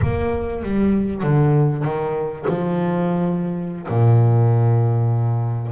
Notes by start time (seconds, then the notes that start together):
0.01 A#3
0.62 G3
1.23 D3
1.84 D#3
2.48 F3
3.88 A#2